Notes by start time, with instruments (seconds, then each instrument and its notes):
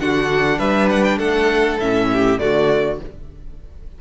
0.00 cello D3, viola D4, violin F#4 F#5
0.59 cello G3, violin B4 E5
0.90 violin F#5
1.04 violin G5
1.18 cello A3, violin A4 F#5
1.80 cello A2, viola C#4, violin E5
2.13 violin G4
2.39 cello D3, viola A3, violin F#4 D5